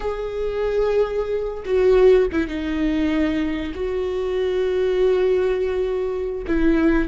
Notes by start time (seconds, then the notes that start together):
0.00 G#4
1.65 F#4
2.32 E4
2.47 D#4
3.74 F#4
6.47 E4